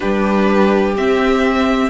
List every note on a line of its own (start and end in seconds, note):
0.00 0.96 G3
0.00 0.95 D4
0.00 1.90 G4
0.00 0.95 B4
0.96 1.90 C4
0.96 1.90 E5